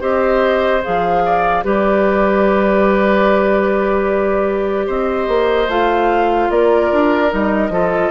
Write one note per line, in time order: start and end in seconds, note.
0.00 0.82 C4
0.00 0.81 G4
0.00 1.22 C5
0.00 0.82 D#5
0.83 1.64 F3
0.83 1.63 G#4
0.83 1.65 F5
1.26 1.65 D5
1.63 4.88 G3
1.63 5.69 G4
1.63 4.86 B4
1.63 4.88 D5
4.86 5.28 C4
4.86 6.49 C5
4.86 5.69 D#5
5.28 5.68 A#3
5.68 6.49 A3
5.68 7.29 F4
5.68 6.51 F5
6.50 6.90 A#3
6.50 7.73 A#4
6.50 7.32 D5
6.92 7.32 D4
7.29 7.69 G3
7.29 7.69 D#4
7.29 8.11 D#5
7.69 8.10 F3
7.69 8.11 F4
7.69 8.11 A4